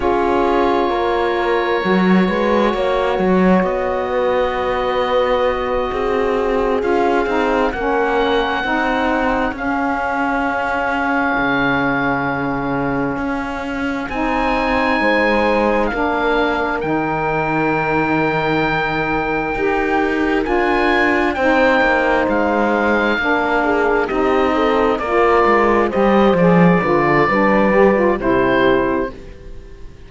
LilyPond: <<
  \new Staff \with { instrumentName = "oboe" } { \time 4/4 \tempo 4 = 66 cis''1 | dis''2.~ dis''8 f''8~ | f''8 fis''2 f''4.~ | f''2.~ f''8 gis''8~ |
gis''4. f''4 g''4.~ | g''2~ g''8 gis''4 g''8~ | g''8 f''2 dis''4 d''8~ | d''8 dis''8 d''2 c''4 | }
  \new Staff \with { instrumentName = "horn" } { \time 4/4 gis'4 ais'4. b'8 cis''4~ | cis''8 b'2 gis'4.~ | gis'8 ais'4 gis'2~ gis'8~ | gis'1~ |
gis'8 c''4 ais'2~ ais'8~ | ais'2.~ ais'8 c''8~ | c''4. ais'8 gis'8 g'8 a'8 ais'8~ | ais'8 c''4 b'16 a'16 b'4 g'4 | }
  \new Staff \with { instrumentName = "saxophone" } { \time 4/4 f'2 fis'2~ | fis'2.~ fis'8 f'8 | dis'8 cis'4 dis'4 cis'4.~ | cis'2.~ cis'8 dis'8~ |
dis'4. d'4 dis'4.~ | dis'4. g'4 f'4 dis'8~ | dis'4. d'4 dis'4 f'8~ | f'8 g'8 gis'8 f'8 d'8 g'16 f'16 e'4 | }
  \new Staff \with { instrumentName = "cello" } { \time 4/4 cis'4 ais4 fis8 gis8 ais8 fis8 | b2~ b8 c'4 cis'8 | c'8 ais4 c'4 cis'4.~ | cis'8 cis2 cis'4 c'8~ |
c'8 gis4 ais4 dis4.~ | dis4. dis'4 d'4 c'8 | ais8 gis4 ais4 c'4 ais8 | gis8 g8 f8 d8 g4 c4 | }
>>